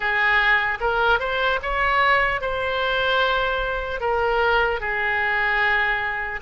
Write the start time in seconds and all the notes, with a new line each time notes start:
0.00 G#4
0.80 A#4
1.19 C5
1.62 C#5
2.41 C5
4.00 A#4
4.80 G#4